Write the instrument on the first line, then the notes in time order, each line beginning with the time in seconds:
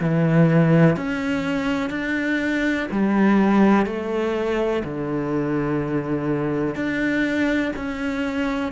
cello
0.00 E3
0.96 C#4
1.90 D4
2.91 G3
3.86 A3
4.84 D3
6.75 D4
7.76 C#4